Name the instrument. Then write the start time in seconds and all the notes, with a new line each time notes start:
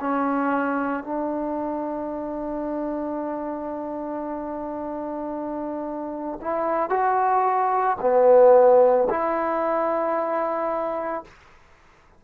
trombone
0.00 C#4
1.04 D4
6.41 E4
6.90 F#4
8.01 B3
9.10 E4